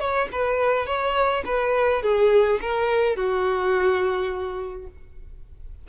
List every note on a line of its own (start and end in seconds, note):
0.00 0.29 C#5
0.32 0.86 B4
0.86 1.44 C#5
1.45 2.02 B4
2.03 2.60 G#4
2.61 3.16 A#4
3.16 4.87 F#4